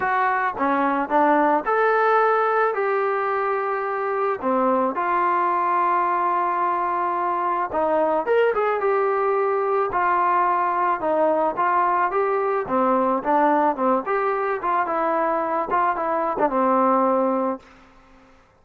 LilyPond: \new Staff \with { instrumentName = "trombone" } { \time 4/4 \tempo 4 = 109 fis'4 cis'4 d'4 a'4~ | a'4 g'2. | c'4 f'2.~ | f'2 dis'4 ais'8 gis'8 |
g'2 f'2 | dis'4 f'4 g'4 c'4 | d'4 c'8 g'4 f'8 e'4~ | e'8 f'8 e'8. d'16 c'2 | }